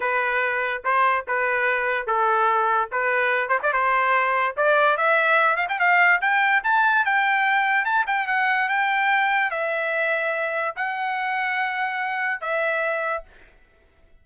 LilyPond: \new Staff \with { instrumentName = "trumpet" } { \time 4/4 \tempo 4 = 145 b'2 c''4 b'4~ | b'4 a'2 b'4~ | b'8 c''16 d''16 c''2 d''4 | e''4. f''16 g''16 f''4 g''4 |
a''4 g''2 a''8 g''8 | fis''4 g''2 e''4~ | e''2 fis''2~ | fis''2 e''2 | }